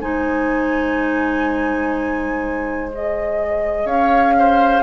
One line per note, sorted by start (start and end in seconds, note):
0.00 3.85 G#3
0.00 2.90 D#4
0.00 3.85 C5
0.00 2.91 G#5
2.90 4.83 G#4
2.90 3.86 D#5
3.85 4.81 C#4
3.85 4.33 C#5
3.85 4.83 F5
4.39 4.83 C5